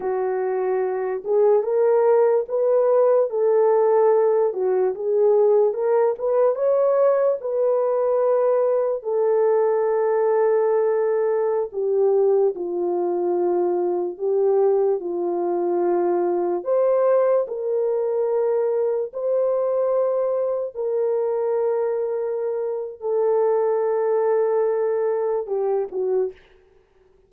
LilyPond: \new Staff \with { instrumentName = "horn" } { \time 4/4 \tempo 4 = 73 fis'4. gis'8 ais'4 b'4 | a'4. fis'8 gis'4 ais'8 b'8 | cis''4 b'2 a'4~ | a'2~ a'16 g'4 f'8.~ |
f'4~ f'16 g'4 f'4.~ f'16~ | f'16 c''4 ais'2 c''8.~ | c''4~ c''16 ais'2~ ais'8. | a'2. g'8 fis'8 | }